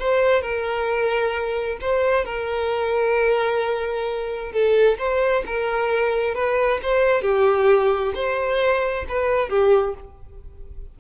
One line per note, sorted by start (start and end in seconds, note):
0.00 0.42 C5
0.42 1.79 A#4
1.81 2.25 C5
2.25 4.52 A#4
4.53 4.98 A4
4.98 5.44 C5
5.46 6.35 A#4
6.35 6.80 B4
6.83 7.22 C5
7.22 8.13 G4
8.15 9.06 C5
9.09 9.49 B4
9.49 9.95 G4